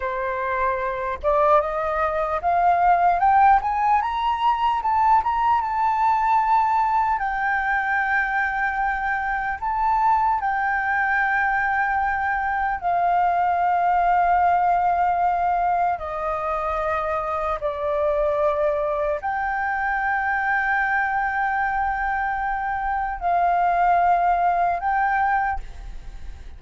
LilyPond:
\new Staff \with { instrumentName = "flute" } { \time 4/4 \tempo 4 = 75 c''4. d''8 dis''4 f''4 | g''8 gis''8 ais''4 a''8 ais''8 a''4~ | a''4 g''2. | a''4 g''2. |
f''1 | dis''2 d''2 | g''1~ | g''4 f''2 g''4 | }